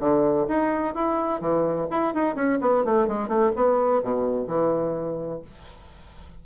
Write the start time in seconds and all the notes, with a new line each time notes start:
0.00 D3
0.48 D#4
0.94 E4
1.41 E3
1.91 E4
2.14 D#4
2.35 C#4
2.61 B3
2.85 A3
3.08 G#3
3.28 A3
3.56 B3
4.03 B2
4.48 E3